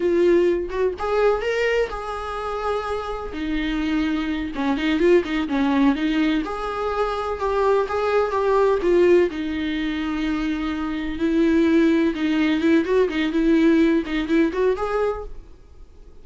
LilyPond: \new Staff \with { instrumentName = "viola" } { \time 4/4 \tempo 4 = 126 f'4. fis'8 gis'4 ais'4 | gis'2. dis'4~ | dis'4. cis'8 dis'8 f'8 dis'8 cis'8~ | cis'8 dis'4 gis'2 g'8~ |
g'8 gis'4 g'4 f'4 dis'8~ | dis'2.~ dis'8 e'8~ | e'4. dis'4 e'8 fis'8 dis'8 | e'4. dis'8 e'8 fis'8 gis'4 | }